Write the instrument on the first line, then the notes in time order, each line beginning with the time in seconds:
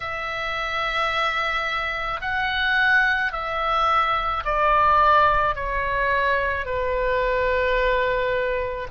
oboe
0.00 E5
2.21 F#5
3.32 E5
4.44 D5
5.55 C#5
6.65 B4